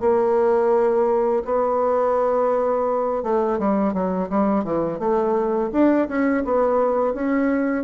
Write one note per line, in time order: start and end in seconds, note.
0.00 1.43 A#3
1.45 3.23 B3
3.23 3.58 A3
3.58 3.93 G3
3.93 4.29 F#3
4.29 4.64 G3
4.64 4.99 E3
4.99 5.70 A3
5.72 6.08 D4
6.08 6.44 C#4
6.44 7.14 B3
7.14 7.84 C#4